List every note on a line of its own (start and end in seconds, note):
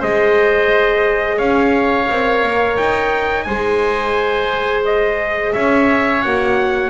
0.00 1.39 G#3
0.00 2.09 G#4
0.00 1.37 C5
0.00 1.39 D#5
1.37 2.08 C#4
1.37 3.44 C#5
1.37 2.77 F5
2.10 2.43 C4
2.10 3.48 A#4
2.43 2.78 A#3
2.78 3.47 D#4
2.78 3.43 G5
3.43 5.54 G#3
3.43 6.24 G#4
3.43 5.54 C5
3.43 4.81 G#5
4.86 5.54 D#5
5.54 6.25 C#4
5.54 6.90 C#5
5.54 6.22 E5
6.22 6.90 A#3
6.22 6.90 F#4
6.22 6.90 F#5